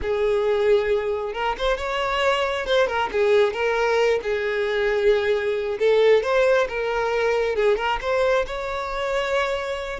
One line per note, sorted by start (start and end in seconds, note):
0.02 1.33 G#4
1.33 1.55 A#4
1.58 1.77 C5
1.77 2.65 C#5
2.65 2.87 C5
2.87 3.09 A#4
3.12 3.53 G#4
3.53 4.20 A#4
4.22 5.78 G#4
5.79 6.23 A4
6.23 6.67 C5
6.68 7.55 A#4
7.55 7.77 G#4
7.77 7.99 A#4
8.01 8.45 C5
8.46 9.99 C#5